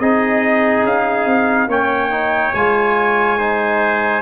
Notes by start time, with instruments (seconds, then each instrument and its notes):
0.00 tuba C4, trombone D#4, trumpet G#4 D#5
0.84 tuba C#4, trumpet F5
1.26 tuba C4
1.68 tuba A#3, trombone C#4, trumpet C#5 G5
2.11 trombone D#4
2.55 tuba G#3, trombone F4, trumpet G#5
3.39 trombone D#4, trumpet C5